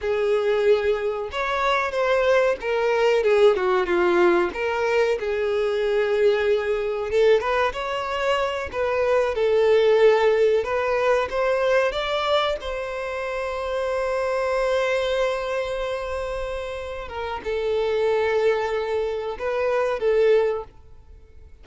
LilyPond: \new Staff \with { instrumentName = "violin" } { \time 4/4 \tempo 4 = 93 gis'2 cis''4 c''4 | ais'4 gis'8 fis'8 f'4 ais'4 | gis'2. a'8 b'8 | cis''4. b'4 a'4.~ |
a'8 b'4 c''4 d''4 c''8~ | c''1~ | c''2~ c''8 ais'8 a'4~ | a'2 b'4 a'4 | }